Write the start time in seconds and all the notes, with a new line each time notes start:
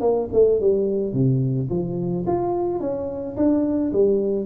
0.00 A#3
0.32 A3
0.60 G3
1.13 C3
1.69 F3
2.26 F4
2.80 C#4
3.36 D4
3.92 G3